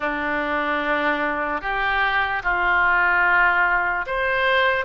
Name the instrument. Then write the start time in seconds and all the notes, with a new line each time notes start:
oboe
0.00 D4
1.61 G4
2.43 F4
4.06 C5